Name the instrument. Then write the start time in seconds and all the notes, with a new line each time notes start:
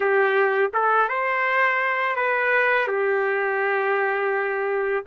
trumpet
0.00 G4
0.73 A4
1.08 C5
2.16 B4
2.87 G4